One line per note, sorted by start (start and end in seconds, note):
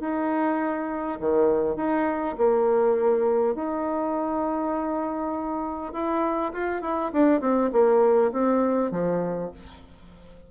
0.00 1.19 D#4
1.20 1.76 D#3
1.76 2.35 D#4
2.37 3.55 A#3
3.55 5.93 D#4
5.93 6.52 E4
6.53 6.82 F4
6.82 7.11 E4
7.12 7.41 D4
7.41 7.70 C4
7.72 8.31 A#3
8.32 8.91 C4
8.91 9.50 F3